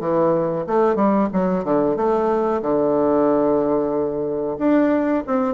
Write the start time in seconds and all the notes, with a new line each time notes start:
0.00 E3
0.67 A3
0.96 G3
1.33 F#3
1.65 D3
1.97 A3
2.62 D3
4.58 D4
5.27 C4